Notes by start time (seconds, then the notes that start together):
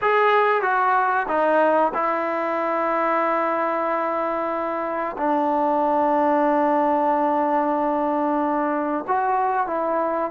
0.01 G#4
0.62 F#4
1.28 D#4
1.94 E4
5.17 D4
9.07 F#4
9.66 E4